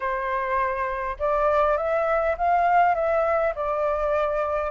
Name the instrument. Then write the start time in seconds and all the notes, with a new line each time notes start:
flute
0.00 C5
1.19 D5
1.77 E5
2.37 F5
2.94 E5
3.55 D5